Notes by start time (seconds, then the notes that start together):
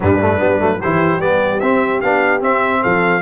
0.00 G2 G3 D4 B4
0.19 A3
0.38 G3 B3
0.58 F#3 A3
0.81 E3 E4 G4 C5
1.17 G3 B3 D5
1.60 C4 E5
2.00 B3 D4 F5
2.40 C4 E5
2.82 F3 A4 F5